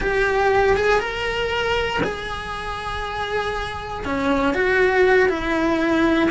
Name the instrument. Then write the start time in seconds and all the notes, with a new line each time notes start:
cello
0.00 G4
0.76 G#4
1.00 A#4
2.03 G#4
4.05 C#4
4.54 F#4
5.28 E4